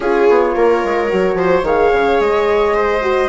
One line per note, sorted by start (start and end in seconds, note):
0.00 0.28 C#4
0.00 1.08 F4
0.00 0.52 G#4
0.00 1.66 C#5
0.29 0.56 B3
0.55 0.83 A#3
0.55 1.37 A#4
0.84 1.11 G#3
1.08 1.34 F#3
1.08 1.64 F#4
1.34 1.61 F3
1.34 1.65 C5
1.62 1.90 D#3
1.62 3.01 G#4
1.62 2.74 C#5
1.62 2.21 F5
1.92 2.20 C#3
2.20 3.28 G#3
2.20 3.28 D#5
2.74 3.28 C5
3.01 3.28 F#4